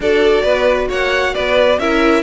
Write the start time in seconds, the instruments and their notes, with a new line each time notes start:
0.00 cello D4, viola F#4, violin A4 D5
0.43 cello B3, violin B4
0.89 cello A#3, violin C#5 F#5
1.34 cello B3, violin B4 D5
1.78 cello C#4, viola E4, violin A#4 E5